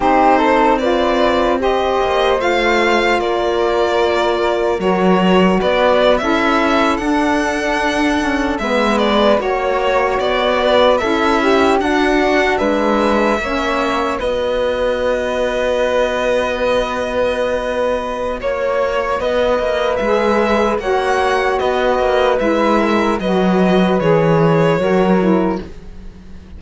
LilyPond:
<<
  \new Staff \with { instrumentName = "violin" } { \time 4/4 \tempo 4 = 75 c''4 d''4 dis''4 f''4 | d''2 cis''4 d''8. e''16~ | e''8. fis''2 e''8 d''8 cis''16~ | cis''8. d''4 e''4 fis''4 e''16~ |
e''4.~ e''16 dis''2~ dis''16~ | dis''2. cis''4 | dis''4 e''4 fis''4 dis''4 | e''4 dis''4 cis''2 | }
  \new Staff \with { instrumentName = "flute" } { \time 4/4 g'8 a'8 b'4 c''2 | ais'2. b'8. a'16~ | a'2~ a'8. b'4 cis''16~ | cis''4~ cis''16 b'8 a'8 g'8 fis'4 b'16~ |
b'8. cis''4 b'2~ b'16~ | b'2. cis''4 | b'2 cis''4 b'4~ | b'8 ais'8 b'2 ais'4 | }
  \new Staff \with { instrumentName = "saxophone" } { \time 4/4 dis'4 f'4 g'4 f'4~ | f'2 fis'4.~ fis'16 e'16~ | e'8. d'4. cis'8 b4 fis'16~ | fis'4.~ fis'16 e'4 d'4~ d'16~ |
d'8. cis'4 fis'2~ fis'16~ | fis'1~ | fis'4 gis'4 fis'2 | e'4 fis'4 gis'4 fis'8 e'8 | }
  \new Staff \with { instrumentName = "cello" } { \time 4/4 c'2~ c'8 ais8 a4 | ais2 fis4 b8. cis'16~ | cis'8. d'2 gis4 ais16~ | ais8. b4 cis'4 d'4 gis16~ |
gis8. ais4 b2~ b16~ | b2. ais4 | b8 ais8 gis4 ais4 b8 ais8 | gis4 fis4 e4 fis4 | }
>>